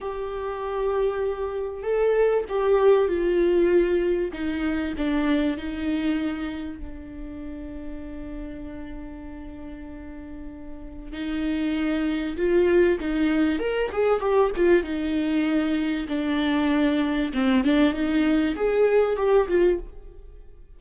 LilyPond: \new Staff \with { instrumentName = "viola" } { \time 4/4 \tempo 4 = 97 g'2. a'4 | g'4 f'2 dis'4 | d'4 dis'2 d'4~ | d'1~ |
d'2 dis'2 | f'4 dis'4 ais'8 gis'8 g'8 f'8 | dis'2 d'2 | c'8 d'8 dis'4 gis'4 g'8 f'8 | }